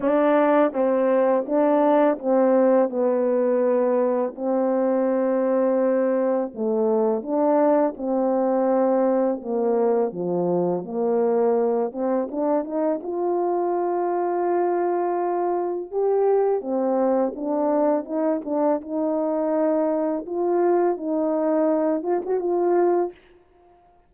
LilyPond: \new Staff \with { instrumentName = "horn" } { \time 4/4 \tempo 4 = 83 d'4 c'4 d'4 c'4 | b2 c'2~ | c'4 a4 d'4 c'4~ | c'4 ais4 f4 ais4~ |
ais8 c'8 d'8 dis'8 f'2~ | f'2 g'4 c'4 | d'4 dis'8 d'8 dis'2 | f'4 dis'4. f'16 fis'16 f'4 | }